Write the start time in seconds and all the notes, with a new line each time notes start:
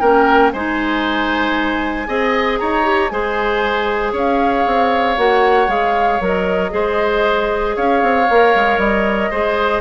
0.00 A#3 C#4 A#4 G5
0.52 G#3 D#4 C5 G#5
2.07 C4 G#4 D#5
2.59 D#4 C#5 A#5
2.84 G4
3.09 G#3 G#4 C5 G#5
4.13 C#4 C#5 F5
4.67 C4
5.18 A#3 F#4 F#5
5.68 G#3 G#4 F5
6.21 F#3 A#4 D#5
6.71 G#3 G#4 C5
7.76 C#4 C#5 F5
8.03 C4
8.30 A#3 A#4
8.55 G#3
8.78 G3 D#5
9.31 G#3 G#4 C5